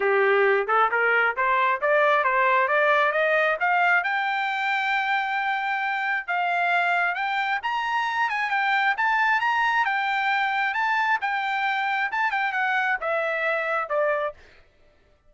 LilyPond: \new Staff \with { instrumentName = "trumpet" } { \time 4/4 \tempo 4 = 134 g'4. a'8 ais'4 c''4 | d''4 c''4 d''4 dis''4 | f''4 g''2.~ | g''2 f''2 |
g''4 ais''4. gis''8 g''4 | a''4 ais''4 g''2 | a''4 g''2 a''8 g''8 | fis''4 e''2 d''4 | }